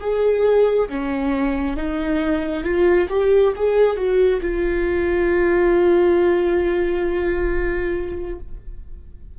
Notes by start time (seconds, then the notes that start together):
0.00 G#4
0.89 C#4
1.76 D#4
2.64 F4
3.09 G4
3.56 G#4
3.96 F#4
4.41 F4